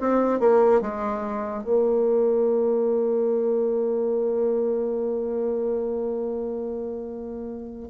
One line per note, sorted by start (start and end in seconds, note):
0.00 0.39 C4
0.39 0.81 A#3
0.81 1.64 G#3
1.64 7.89 A#3